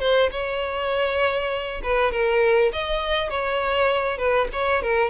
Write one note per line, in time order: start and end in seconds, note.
0.00 0.30 C5
0.32 1.82 C#5
1.83 2.12 B4
2.12 2.72 A#4
2.73 3.30 D#5
3.30 4.18 C#5
4.18 4.48 B4
4.53 4.82 C#5
4.82 5.10 A#4